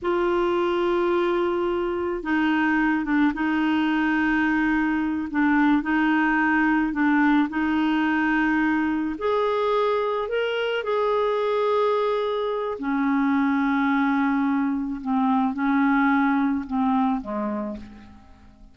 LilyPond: \new Staff \with { instrumentName = "clarinet" } { \time 4/4 \tempo 4 = 108 f'1 | dis'4. d'8 dis'2~ | dis'4. d'4 dis'4.~ | dis'8 d'4 dis'2~ dis'8~ |
dis'8 gis'2 ais'4 gis'8~ | gis'2. cis'4~ | cis'2. c'4 | cis'2 c'4 gis4 | }